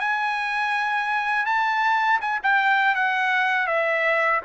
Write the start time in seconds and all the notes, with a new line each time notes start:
0.00 G#5
1.46 A5
2.21 G#5
2.43 G5
2.95 F#5
3.67 E5